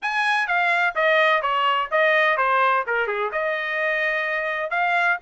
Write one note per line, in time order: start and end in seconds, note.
0.02 0.47 G#5
0.47 0.94 F5
0.95 1.42 D#5
1.42 1.89 C#5
1.91 2.37 D#5
2.37 2.84 C5
2.86 3.07 A#4
3.07 3.30 G#4
3.32 4.70 D#5
4.70 5.17 F5